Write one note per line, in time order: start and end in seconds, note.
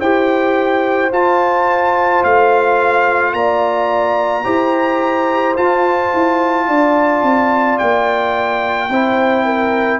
0.00 1.11 E4
0.00 1.11 G4
0.00 3.33 C5
0.00 1.11 G5
1.11 4.44 F4
1.11 2.23 F4
1.11 2.24 A5
2.23 3.33 A3
2.23 3.33 F5
3.33 4.44 A#3
3.33 4.45 D5
3.33 5.56 A#5
4.44 5.56 E4
4.44 5.55 G4
4.44 6.67 C5
5.56 8.90 F4
5.56 6.13 F4
5.56 7.78 A5
6.13 6.68 E4
6.68 7.23 D4
6.68 8.90 D5
7.23 7.78 C4
7.78 8.89 A#3
7.78 10.00 G5
8.89 10.00 C4
8.89 10.00 E4
8.89 9.45 C5
9.45 10.00 A#4